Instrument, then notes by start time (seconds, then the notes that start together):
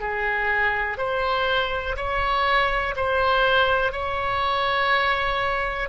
oboe
0.00 G#4
0.98 C5
1.97 C#5
2.96 C5
3.92 C#5